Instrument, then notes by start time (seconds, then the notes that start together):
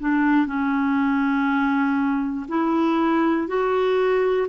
clarinet
0.00 D4
0.47 C#4
2.49 E4
3.48 F#4